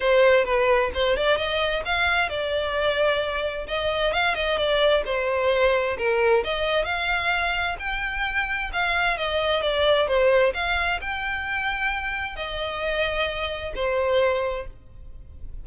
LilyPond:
\new Staff \with { instrumentName = "violin" } { \time 4/4 \tempo 4 = 131 c''4 b'4 c''8 d''8 dis''4 | f''4 d''2. | dis''4 f''8 dis''8 d''4 c''4~ | c''4 ais'4 dis''4 f''4~ |
f''4 g''2 f''4 | dis''4 d''4 c''4 f''4 | g''2. dis''4~ | dis''2 c''2 | }